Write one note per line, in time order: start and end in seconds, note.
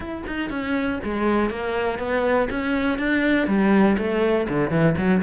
0.00 0.23 E4
0.26 0.50 D#4
0.50 0.99 C#4
1.04 1.50 G#3
1.50 1.98 A#3
1.98 2.48 B3
2.50 2.98 C#4
2.98 3.47 D4
3.47 3.96 G3
3.97 4.47 A3
4.49 4.70 D3
4.70 4.95 E3
4.97 5.22 F#3